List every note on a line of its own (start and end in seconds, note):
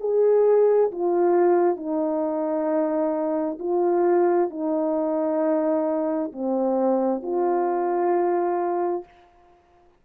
0.00 0.91 G#4
0.91 1.76 F4
1.76 3.58 D#4
3.59 4.50 F4
4.50 6.32 D#4
6.33 7.22 C4
7.22 9.04 F4